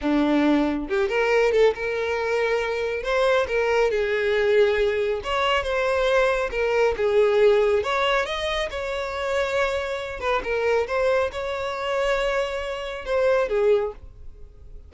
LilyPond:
\new Staff \with { instrumentName = "violin" } { \time 4/4 \tempo 4 = 138 d'2 g'8 ais'4 a'8 | ais'2. c''4 | ais'4 gis'2. | cis''4 c''2 ais'4 |
gis'2 cis''4 dis''4 | cis''2.~ cis''8 b'8 | ais'4 c''4 cis''2~ | cis''2 c''4 gis'4 | }